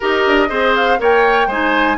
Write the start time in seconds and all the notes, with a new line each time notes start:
0.00 D#4 G4 A#4 D#5
0.26 D4
0.48 C4 G#4 C5
0.75 F5
0.98 A#3 A#4 C#5 G5
1.47 G#3 D#4 C5 G#5